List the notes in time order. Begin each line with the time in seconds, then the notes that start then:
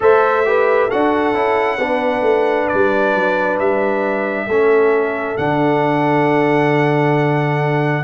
0.00 A3 A4 C5 E5
0.45 G4 B4
0.88 D4 F#4 A4 F#5
1.34 C#4 E4
1.77 B3 D4 B4
2.21 A3
2.68 G3 D5
3.15 F#3
3.59 G3 E5
4.47 A3 C#4 A4
5.37 D3 D4 F#5